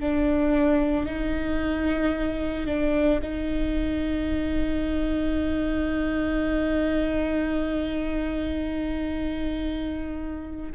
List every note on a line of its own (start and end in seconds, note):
0.00 1.06 D4
1.06 2.66 D#4
2.66 3.20 D4
3.22 10.72 D#4